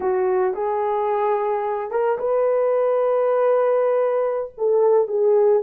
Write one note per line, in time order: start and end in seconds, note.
0.00 0.54 F#4
0.54 1.90 G#4
1.90 2.18 A#4
2.18 4.52 B4
4.57 5.07 A4
5.07 5.62 G#4